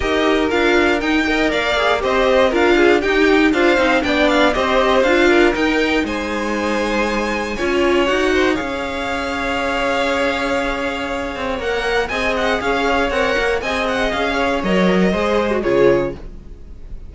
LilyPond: <<
  \new Staff \with { instrumentName = "violin" } { \time 4/4 \tempo 4 = 119 dis''4 f''4 g''4 f''4 | dis''4 f''4 g''4 f''4 | g''8 f''8 dis''4 f''4 g''4 | gis''1 |
fis''4 f''2.~ | f''2. fis''4 | gis''8 fis''8 f''4 fis''4 gis''8 fis''8 | f''4 dis''2 cis''4 | }
  \new Staff \with { instrumentName = "violin" } { \time 4/4 ais'2~ ais'8 dis''8 d''4 | c''4 ais'8 gis'8 g'4 c''4 | d''4 c''4. ais'4. | c''2. cis''4~ |
cis''8 c''8 cis''2.~ | cis''1 | dis''4 cis''2 dis''4~ | dis''8 cis''4. c''4 gis'4 | }
  \new Staff \with { instrumentName = "viola" } { \time 4/4 g'4 f'4 dis'8 ais'4 gis'8 | g'4 f'4 dis'4 f'8 dis'8 | d'4 g'4 f'4 dis'4~ | dis'2. f'4 |
fis'4 gis'2.~ | gis'2. ais'4 | gis'2 ais'4 gis'4~ | gis'4 ais'4 gis'8. fis'16 f'4 | }
  \new Staff \with { instrumentName = "cello" } { \time 4/4 dis'4 d'4 dis'4 ais4 | c'4 d'4 dis'4 d'8 c'8 | b4 c'4 d'4 dis'4 | gis2. cis'4 |
dis'4 cis'2.~ | cis'2~ cis'8 c'8 ais4 | c'4 cis'4 c'8 ais8 c'4 | cis'4 fis4 gis4 cis4 | }
>>